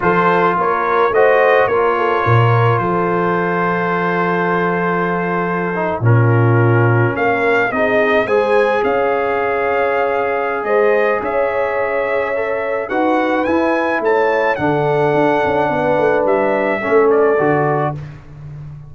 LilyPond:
<<
  \new Staff \with { instrumentName = "trumpet" } { \time 4/4 \tempo 4 = 107 c''4 cis''4 dis''4 cis''4~ | cis''4 c''2.~ | c''2~ c''8. ais'4~ ais'16~ | ais'8. f''4 dis''4 gis''4 f''16~ |
f''2. dis''4 | e''2. fis''4 | gis''4 a''4 fis''2~ | fis''4 e''4. d''4. | }
  \new Staff \with { instrumentName = "horn" } { \time 4/4 a'4 ais'4 c''4 ais'8 a'8 | ais'4 a'2.~ | a'2~ a'8. f'4~ f'16~ | f'8. ais'4 gis'4 c''4 cis''16~ |
cis''2. c''4 | cis''2. b'4~ | b'4 cis''4 a'2 | b'2 a'2 | }
  \new Staff \with { instrumentName = "trombone" } { \time 4/4 f'2 fis'4 f'4~ | f'1~ | f'2~ f'16 dis'8 cis'4~ cis'16~ | cis'4.~ cis'16 dis'4 gis'4~ gis'16~ |
gis'1~ | gis'2 a'4 fis'4 | e'2 d'2~ | d'2 cis'4 fis'4 | }
  \new Staff \with { instrumentName = "tuba" } { \time 4/4 f4 ais4 a4 ais4 | ais,4 f2.~ | f2~ f8. ais,4~ ais,16~ | ais,8. ais4 c'4 gis4 cis'16~ |
cis'2. gis4 | cis'2. dis'4 | e'4 a4 d4 d'8 cis'8 | b8 a8 g4 a4 d4 | }
>>